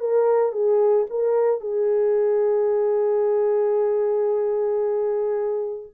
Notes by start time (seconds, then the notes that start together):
0.00 A#4
0.52 G#4
1.10 A#4
1.61 G#4